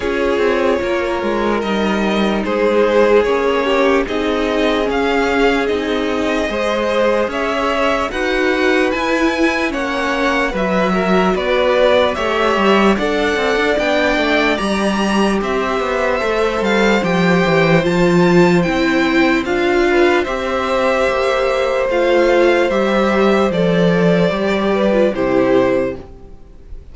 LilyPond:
<<
  \new Staff \with { instrumentName = "violin" } { \time 4/4 \tempo 4 = 74 cis''2 dis''4 c''4 | cis''4 dis''4 f''4 dis''4~ | dis''4 e''4 fis''4 gis''4 | fis''4 e''4 d''4 e''4 |
fis''4 g''4 ais''4 e''4~ | e''8 f''8 g''4 a''4 g''4 | f''4 e''2 f''4 | e''4 d''2 c''4 | }
  \new Staff \with { instrumentName = "violin" } { \time 4/4 gis'4 ais'2 gis'4~ | gis'8 g'8 gis'2. | c''4 cis''4 b'2 | cis''4 b'8 ais'8 b'4 cis''4 |
d''2. c''4~ | c''1~ | c''8 b'8 c''2.~ | c''2~ c''8 b'8 g'4 | }
  \new Staff \with { instrumentName = "viola" } { \time 4/4 f'2 dis'2 | cis'4 dis'4 cis'4 dis'4 | gis'2 fis'4 e'4 | cis'4 fis'2 g'4 |
a'4 d'4 g'2 | a'4 g'4 f'4 e'4 | f'4 g'2 f'4 | g'4 a'4 g'8. f'16 e'4 | }
  \new Staff \with { instrumentName = "cello" } { \time 4/4 cis'8 c'8 ais8 gis8 g4 gis4 | ais4 c'4 cis'4 c'4 | gis4 cis'4 dis'4 e'4 | ais4 fis4 b4 a8 g8 |
d'8 c'16 d'16 b8 a8 g4 c'8 b8 | a8 g8 f8 e8 f4 c'4 | d'4 c'4 ais4 a4 | g4 f4 g4 c4 | }
>>